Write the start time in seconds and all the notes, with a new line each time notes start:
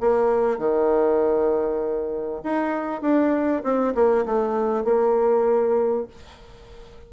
0.00 A#3
0.58 D#3
2.43 D#4
3.01 D4
3.63 C4
3.94 A#3
4.25 A3
4.84 A#3